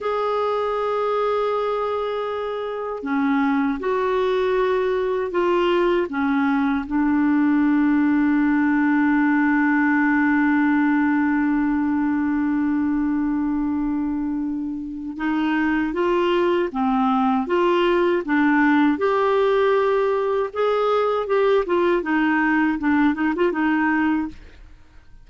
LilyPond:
\new Staff \with { instrumentName = "clarinet" } { \time 4/4 \tempo 4 = 79 gis'1 | cis'4 fis'2 f'4 | cis'4 d'2.~ | d'1~ |
d'1 | dis'4 f'4 c'4 f'4 | d'4 g'2 gis'4 | g'8 f'8 dis'4 d'8 dis'16 f'16 dis'4 | }